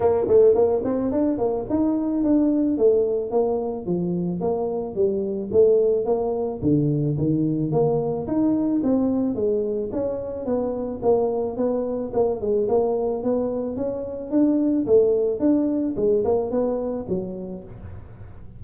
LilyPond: \new Staff \with { instrumentName = "tuba" } { \time 4/4 \tempo 4 = 109 ais8 a8 ais8 c'8 d'8 ais8 dis'4 | d'4 a4 ais4 f4 | ais4 g4 a4 ais4 | d4 dis4 ais4 dis'4 |
c'4 gis4 cis'4 b4 | ais4 b4 ais8 gis8 ais4 | b4 cis'4 d'4 a4 | d'4 gis8 ais8 b4 fis4 | }